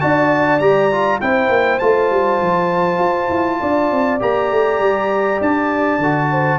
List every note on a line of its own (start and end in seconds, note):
0.00 0.59 D4
0.00 0.60 F#4
0.00 1.22 D5
0.00 0.59 A5
0.59 1.19 G3
0.59 0.91 G4
0.59 1.19 A#5
0.92 1.20 F4
1.20 1.49 C4
1.20 1.80 E4
1.20 3.60 C5
1.20 1.78 G5
1.49 1.79 A#3
1.78 2.10 A3
1.78 4.19 F4
1.78 4.18 A5
2.10 2.40 G3
2.40 2.99 F3
2.99 3.29 F4
3.29 3.59 E4
3.60 3.91 D4
3.60 6.30 D5
3.91 4.21 C4
4.19 4.51 A#3
4.19 5.99 G4
4.19 5.41 A#5
4.51 4.79 A3
4.79 5.39 G3
5.41 5.98 D4
5.41 6.58 A5
5.98 6.58 D3
5.98 6.58 F#4
6.30 6.58 C5